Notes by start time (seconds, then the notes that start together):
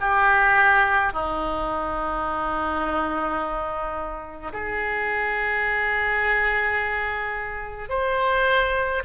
0.00 G4
1.12 D#4
4.52 G#4
7.89 C5